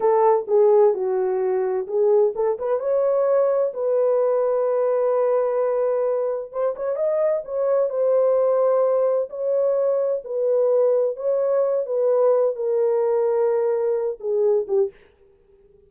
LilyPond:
\new Staff \with { instrumentName = "horn" } { \time 4/4 \tempo 4 = 129 a'4 gis'4 fis'2 | gis'4 a'8 b'8 cis''2 | b'1~ | b'2 c''8 cis''8 dis''4 |
cis''4 c''2. | cis''2 b'2 | cis''4. b'4. ais'4~ | ais'2~ ais'8 gis'4 g'8 | }